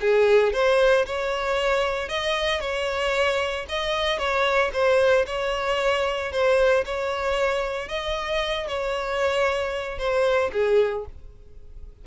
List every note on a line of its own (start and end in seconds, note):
0.00 0.53 G#4
0.53 1.05 C5
1.06 2.08 C#5
2.08 2.60 D#5
2.60 3.66 C#5
3.68 4.18 D#5
4.18 4.71 C#5
4.73 5.25 C5
5.26 6.32 C#5
6.32 6.84 C5
6.85 7.88 C#5
7.88 8.67 D#5
8.67 9.98 C#5
9.98 10.51 C5
10.52 11.05 G#4